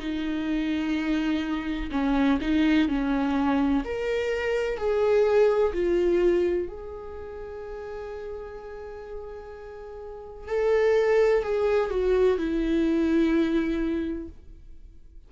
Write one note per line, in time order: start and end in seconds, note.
0.00 1.90 D#4
1.92 2.39 C#4
2.42 2.89 D#4
2.89 3.84 C#4
3.85 4.78 A#4
4.78 5.73 G#4
5.74 6.69 F4
6.69 10.48 G#4
10.48 11.44 A4
11.44 11.91 G#4
11.91 12.38 F#4
12.38 14.29 E4